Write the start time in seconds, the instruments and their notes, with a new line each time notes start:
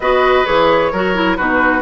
0.00 bassoon B3, clarinet F#4, oboe B4, flute D#5
0.44 bassoon E3, clarinet G#4, flute C#5
0.92 bassoon F#3, clarinet F#4, oboe A#4
1.14 clarinet E4
1.36 bassoon B2, clarinet D#4, oboe F#4, flute B4